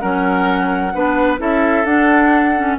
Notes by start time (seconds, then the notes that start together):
0.00 F#3 C#4 A#4 F#5
0.94 B3 D4 B4
1.38 C#4 E4 A4 E5
1.85 D4 F#5
2.56 C#4